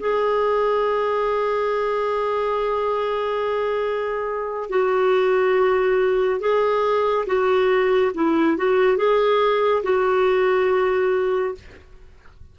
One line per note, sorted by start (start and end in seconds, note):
0.00 4.70 G#4
4.70 6.40 F#4
6.40 7.26 G#4
7.27 8.12 F#4
8.15 8.58 E4
8.58 8.97 F#4
8.97 9.83 G#4
9.84 11.55 F#4